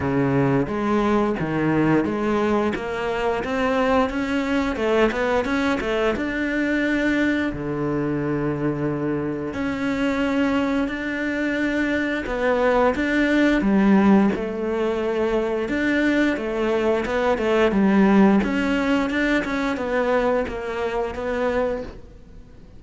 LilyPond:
\new Staff \with { instrumentName = "cello" } { \time 4/4 \tempo 4 = 88 cis4 gis4 dis4 gis4 | ais4 c'4 cis'4 a8 b8 | cis'8 a8 d'2 d4~ | d2 cis'2 |
d'2 b4 d'4 | g4 a2 d'4 | a4 b8 a8 g4 cis'4 | d'8 cis'8 b4 ais4 b4 | }